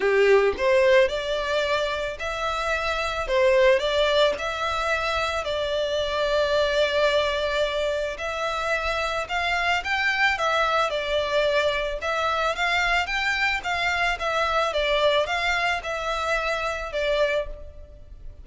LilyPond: \new Staff \with { instrumentName = "violin" } { \time 4/4 \tempo 4 = 110 g'4 c''4 d''2 | e''2 c''4 d''4 | e''2 d''2~ | d''2. e''4~ |
e''4 f''4 g''4 e''4 | d''2 e''4 f''4 | g''4 f''4 e''4 d''4 | f''4 e''2 d''4 | }